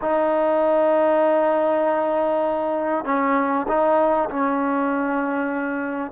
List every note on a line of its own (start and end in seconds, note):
0.01 3.04 D#4
3.04 3.66 C#4
3.67 4.29 D#4
4.30 6.11 C#4